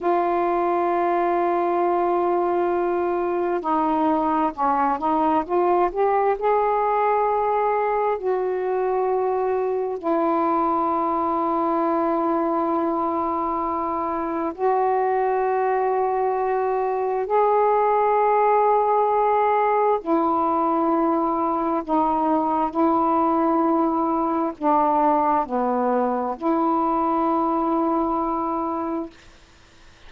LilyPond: \new Staff \with { instrumentName = "saxophone" } { \time 4/4 \tempo 4 = 66 f'1 | dis'4 cis'8 dis'8 f'8 g'8 gis'4~ | gis'4 fis'2 e'4~ | e'1 |
fis'2. gis'4~ | gis'2 e'2 | dis'4 e'2 d'4 | b4 e'2. | }